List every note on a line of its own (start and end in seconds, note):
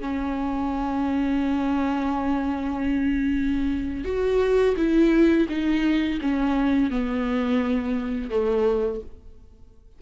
0.00 4.04 C#4
4.04 4.75 F#4
4.76 5.47 E4
5.48 6.19 D#4
6.21 6.90 C#4
6.90 8.30 B3
8.30 9.00 A3